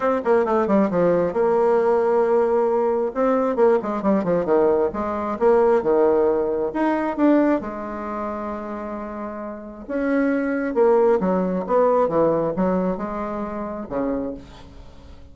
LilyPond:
\new Staff \with { instrumentName = "bassoon" } { \time 4/4 \tempo 4 = 134 c'8 ais8 a8 g8 f4 ais4~ | ais2. c'4 | ais8 gis8 g8 f8 dis4 gis4 | ais4 dis2 dis'4 |
d'4 gis2.~ | gis2 cis'2 | ais4 fis4 b4 e4 | fis4 gis2 cis4 | }